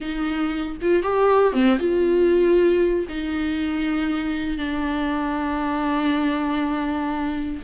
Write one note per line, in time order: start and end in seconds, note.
0.00 0.77 D#4
0.81 1.02 F4
1.02 1.53 G4
1.53 1.78 C4
1.78 3.06 F4
3.09 4.57 D#4
4.57 7.62 D4